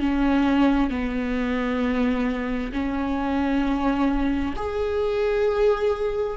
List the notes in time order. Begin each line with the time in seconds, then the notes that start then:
0.00 C#4
0.90 B3
2.73 C#4
4.56 G#4